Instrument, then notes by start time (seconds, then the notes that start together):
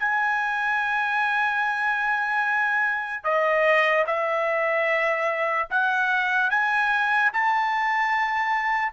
trumpet
0.00 G#5
3.24 D#5
4.07 E5
5.71 F#5
6.50 G#5
7.33 A5